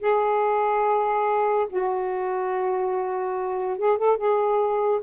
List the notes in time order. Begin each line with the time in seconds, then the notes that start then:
0.00 G#4
1.69 F#4
3.77 G#4
3.98 A4
4.17 G#4